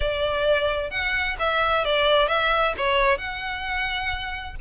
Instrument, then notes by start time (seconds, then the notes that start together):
violin
0.00 D5
0.90 F#5
1.39 E5
1.84 D5
2.28 E5
2.77 C#5
3.17 F#5